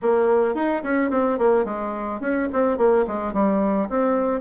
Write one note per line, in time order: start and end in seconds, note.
0.02 0.54 A#3
0.54 0.82 D#4
0.83 1.10 C#4
1.10 1.38 C4
1.38 1.64 A#3
1.64 2.20 G#3
2.20 2.48 C#4
2.53 2.77 C4
2.77 3.05 A#3
3.07 3.33 G#3
3.33 3.88 G3
3.89 4.40 C4